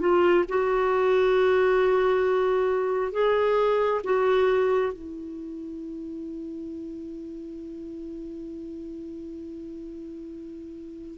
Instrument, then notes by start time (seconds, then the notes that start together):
clarinet
0.00 F4
0.48 F#4
3.12 G#4
4.04 F#4
4.93 E4